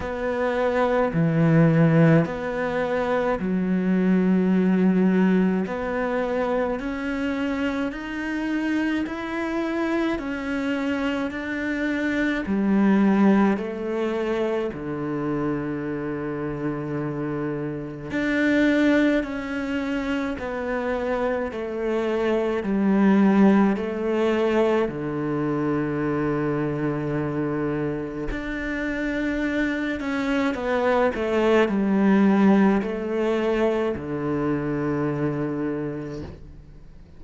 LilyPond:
\new Staff \with { instrumentName = "cello" } { \time 4/4 \tempo 4 = 53 b4 e4 b4 fis4~ | fis4 b4 cis'4 dis'4 | e'4 cis'4 d'4 g4 | a4 d2. |
d'4 cis'4 b4 a4 | g4 a4 d2~ | d4 d'4. cis'8 b8 a8 | g4 a4 d2 | }